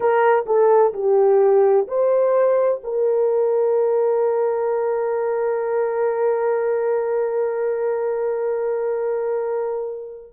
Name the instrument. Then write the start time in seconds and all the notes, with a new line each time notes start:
horn
0.00 A#4
0.46 A4
0.93 G4
1.87 C5
2.83 A#4